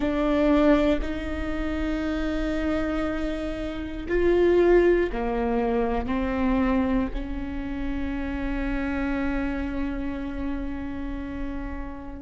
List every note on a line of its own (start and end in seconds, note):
0.00 0.99 D4
1.01 4.06 D#4
4.08 5.10 F4
5.12 6.06 A#3
6.06 7.08 C4
7.13 12.21 C#4